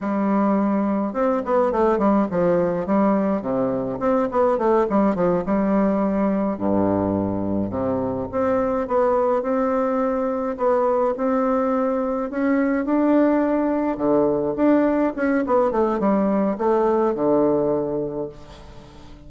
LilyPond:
\new Staff \with { instrumentName = "bassoon" } { \time 4/4 \tempo 4 = 105 g2 c'8 b8 a8 g8 | f4 g4 c4 c'8 b8 | a8 g8 f8 g2 g,8~ | g,4. c4 c'4 b8~ |
b8 c'2 b4 c'8~ | c'4. cis'4 d'4.~ | d'8 d4 d'4 cis'8 b8 a8 | g4 a4 d2 | }